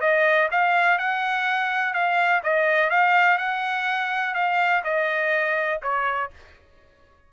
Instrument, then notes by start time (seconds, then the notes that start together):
trumpet
0.00 D#5
0.51 F5
0.98 F#5
1.93 F5
2.43 D#5
2.90 F5
3.38 F#5
4.34 F5
4.84 D#5
5.82 C#5